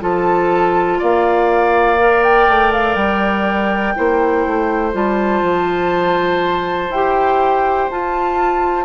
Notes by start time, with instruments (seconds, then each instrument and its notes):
0.00 bassoon F3, clarinet F4, oboe A4, flute A5
0.98 bassoon A#3, oboe D5, flute F5
1.99 clarinet A#4
2.23 flute G5
2.48 bassoon A3
2.73 flute F5
2.95 bassoon G3, flute G5
3.95 bassoon A#3, clarinet E4, oboe C5
4.46 bassoon A3
4.92 bassoon G3, clarinet F4, flute A5
5.42 bassoon F3
6.89 bassoon E4, clarinet G4, flute G5
7.90 clarinet F4, bassoon F4, flute A5